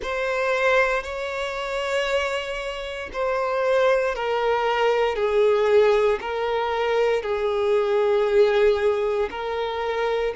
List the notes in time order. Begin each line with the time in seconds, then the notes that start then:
0.02 C5
1.03 C#5
3.12 C5
4.15 A#4
5.15 G#4
6.21 A#4
7.22 G#4
9.30 A#4